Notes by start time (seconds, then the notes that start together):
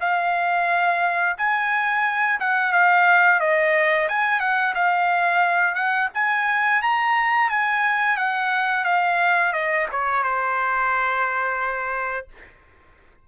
0.00 F5
1.37 G#5
2.40 F#5
2.72 F5
3.40 D#5
4.08 G#5
4.40 F#5
4.75 F5
5.75 F#5
6.14 G#5
6.82 A#5
7.49 G#5
8.17 F#5
8.85 F5
9.53 D#5
9.91 C#5
10.23 C5